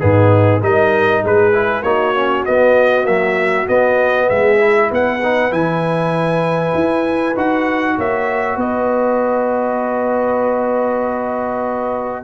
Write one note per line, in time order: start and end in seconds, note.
0.00 0.62 G#2
0.00 0.61 B3
0.00 0.61 D#4
0.00 0.61 G#4
0.62 1.23 G3
0.62 1.53 D#4
0.62 1.23 A#4
0.62 1.25 D#5
1.24 1.82 G#3
1.24 1.84 G#4
1.24 1.83 B4
1.53 1.84 E4
1.82 2.43 A#3
1.82 2.16 D#4
1.82 4.28 F#4
1.82 2.44 C#5
2.16 2.46 C#4
2.45 3.07 B3
2.45 3.04 B3
2.45 3.06 D#5
3.04 3.67 F#3
3.04 3.65 A#3
3.04 3.67 E5
3.67 4.59 B3
3.67 4.30 B3
3.67 4.29 D#5
4.28 4.91 G#3
4.28 4.89 G#4
4.28 4.90 E5
4.59 5.20 E4
4.91 5.51 B3
4.91 7.96 B4
4.91 5.52 F#5
5.23 5.51 D#4
5.51 6.74 E3
5.51 7.35 E4
5.51 7.36 G#5
6.74 7.36 E4
7.36 7.98 D#4
7.36 12.24 F#4
7.36 7.99 F#5
7.96 8.57 A#3
7.96 8.57 C#5
7.96 8.60 E5
8.57 12.24 B3
8.57 12.24 B4
8.57 12.24 D#5